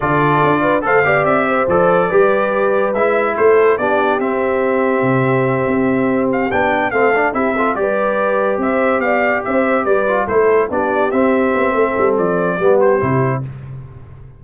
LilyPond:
<<
  \new Staff \with { instrumentName = "trumpet" } { \time 4/4 \tempo 4 = 143 d''2 f''4 e''4 | d''2. e''4 | c''4 d''4 e''2~ | e''2. f''8 g''8~ |
g''8 f''4 e''4 d''4.~ | d''8 e''4 f''4 e''4 d''8~ | d''8 c''4 d''4 e''4.~ | e''4 d''4. c''4. | }
  \new Staff \with { instrumentName = "horn" } { \time 4/4 a'4. b'8 c''8 d''4 c''8~ | c''4 b'2. | a'4 g'2.~ | g'1~ |
g'8 a'4 g'8 a'8 b'4.~ | b'8 c''4 d''4 c''4 b'8~ | b'8 a'4 g'2~ g'8 | a'2 g'2 | }
  \new Staff \with { instrumentName = "trombone" } { \time 4/4 f'2 a'8 g'4. | a'4 g'2 e'4~ | e'4 d'4 c'2~ | c'2.~ c'8 d'8~ |
d'8 c'8 d'8 e'8 f'8 g'4.~ | g'1 | f'8 e'4 d'4 c'4.~ | c'2 b4 e'4 | }
  \new Staff \with { instrumentName = "tuba" } { \time 4/4 d4 d'4 a8 b8 c'4 | f4 g2 gis4 | a4 b4 c'2 | c4. c'2 b8~ |
b8 a4 c'4 g4.~ | g8 c'4 b4 c'4 g8~ | g8 a4 b4 c'4 b8 | a8 g8 f4 g4 c4 | }
>>